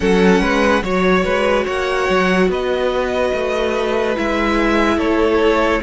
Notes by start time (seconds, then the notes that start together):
0.00 F#3 C#4 A4 F#5
0.40 G#3 B4
0.82 F#3 F#4 C#5
1.24 G#3 B4
1.64 A#3 C#5 F#5
2.09 F#3
2.48 B3 B4 D#5
3.33 A3
4.15 G#3 E4 E5
4.97 A3 A4 C#5